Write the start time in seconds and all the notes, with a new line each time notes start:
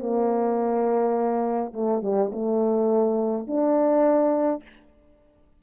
0.00 A#3
1.73 A3
2.02 G3
2.32 A3
3.47 D4